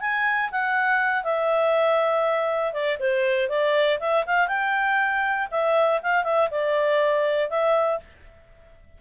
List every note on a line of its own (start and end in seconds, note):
0.00 0.50 G#5
0.51 1.24 F#5
1.24 2.73 E5
2.73 2.98 D5
2.99 3.49 C5
3.49 3.99 D5
4.00 4.25 E5
4.26 4.48 F5
4.48 5.48 G5
5.51 6.01 E5
6.03 6.24 F5
6.24 6.49 E5
6.50 7.50 D5
7.50 8.00 E5